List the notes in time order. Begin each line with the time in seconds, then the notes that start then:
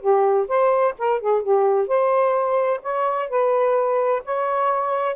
0.00 G4
0.48 C5
0.99 A#4
1.21 G#4
1.42 G4
1.87 C5
2.82 C#5
3.29 B4
4.25 C#5